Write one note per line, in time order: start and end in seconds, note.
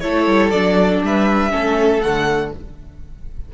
0.00 0.26 A3
0.00 0.52 E4
0.00 1.03 A4
0.00 0.50 C#5
0.26 0.51 G3
0.51 1.02 F#3
0.51 1.50 D4
0.51 1.01 D5
1.03 1.53 G3
1.03 1.52 B4
1.03 2.01 E5
1.50 2.04 A3
1.50 2.00 C#4
1.50 2.52 A4
2.01 2.54 D3
2.01 2.53 A3
2.01 2.51 F#5